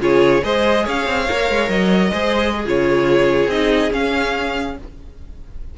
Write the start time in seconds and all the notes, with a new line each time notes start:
0.00 C#3 F4 G#4 C#5
0.43 G#3 G#4 C5 D#5
0.84 C#4 C#5 F5
1.07 C4
1.29 A#3 A#4
1.50 G#3
1.69 F#3 D#5
2.12 G#3 G#4 C5
2.54 G#4
2.66 C#3 F4 C#5
3.47 C4 D#4 D#5
3.91 C#4 F5